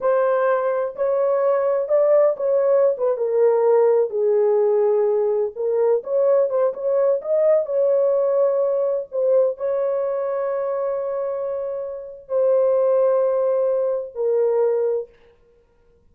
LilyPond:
\new Staff \with { instrumentName = "horn" } { \time 4/4 \tempo 4 = 127 c''2 cis''2 | d''4 cis''4~ cis''16 b'8 ais'4~ ais'16~ | ais'8. gis'2. ais'16~ | ais'8. cis''4 c''8 cis''4 dis''8.~ |
dis''16 cis''2. c''8.~ | c''16 cis''2.~ cis''8.~ | cis''2 c''2~ | c''2 ais'2 | }